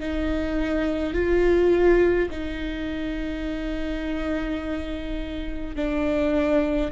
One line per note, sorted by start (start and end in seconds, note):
0.00 1.14 D#4
1.14 2.29 F4
2.31 5.76 D#4
5.76 6.91 D4